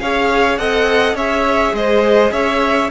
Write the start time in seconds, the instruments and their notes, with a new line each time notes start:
0.00 cello C#4, viola G#4, violin C#5 F5
0.58 cello C4, viola A4, violin D#5 F#5
1.14 cello C#4, viola G#4, violin C#5 E5
1.73 cello G#3, violin C5 D#5
2.32 cello C#4, violin C#5 E5